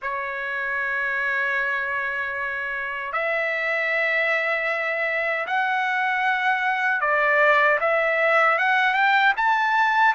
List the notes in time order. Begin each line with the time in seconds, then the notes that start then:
0.01 C#5
3.12 E5
5.46 F#5
7.00 D5
7.80 E5
8.58 F#5
8.94 G5
9.36 A5